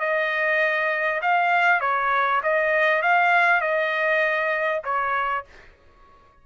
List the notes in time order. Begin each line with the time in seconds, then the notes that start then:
0.00 D#5
1.22 F5
1.81 C#5
2.43 D#5
3.02 F5
3.61 D#5
4.84 C#5